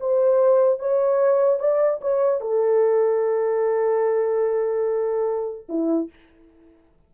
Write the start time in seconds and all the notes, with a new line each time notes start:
0.00 C5
0.79 C#5
1.60 D5
2.01 C#5
2.41 A4
5.69 E4